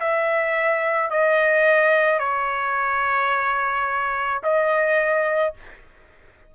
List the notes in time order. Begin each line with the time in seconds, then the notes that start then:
0.00 E5
1.11 D#5
2.19 C#5
4.43 D#5